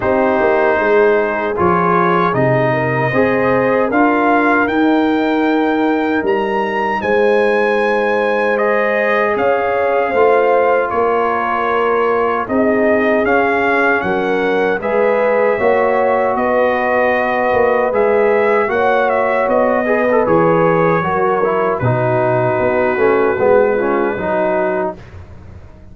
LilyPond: <<
  \new Staff \with { instrumentName = "trumpet" } { \time 4/4 \tempo 4 = 77 c''2 cis''4 dis''4~ | dis''4 f''4 g''2 | ais''4 gis''2 dis''4 | f''2 cis''2 |
dis''4 f''4 fis''4 e''4~ | e''4 dis''2 e''4 | fis''8 e''8 dis''4 cis''2 | b'1 | }
  \new Staff \with { instrumentName = "horn" } { \time 4/4 g'4 gis'2~ gis'8 ais'8 | c''4 ais'2.~ | ais'4 c''2. | cis''4 c''4 ais'2 |
gis'2 ais'4 b'4 | cis''4 b'2. | cis''4. b'4. ais'4 | fis'2~ fis'8 f'8 fis'4 | }
  \new Staff \with { instrumentName = "trombone" } { \time 4/4 dis'2 f'4 dis'4 | gis'4 f'4 dis'2~ | dis'2. gis'4~ | gis'4 f'2. |
dis'4 cis'2 gis'4 | fis'2. gis'4 | fis'4. gis'16 a'16 gis'4 fis'8 e'8 | dis'4. cis'8 b8 cis'8 dis'4 | }
  \new Staff \with { instrumentName = "tuba" } { \time 4/4 c'8 ais8 gis4 f4 c4 | c'4 d'4 dis'2 | g4 gis2. | cis'4 a4 ais2 |
c'4 cis'4 fis4 gis4 | ais4 b4. ais8 gis4 | ais4 b4 e4 fis4 | b,4 b8 a8 gis4 fis4 | }
>>